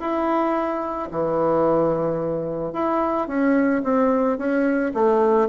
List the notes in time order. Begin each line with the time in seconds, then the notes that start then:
0.00 E4
1.11 E3
2.73 E4
3.28 C#4
3.84 C4
4.38 C#4
4.94 A3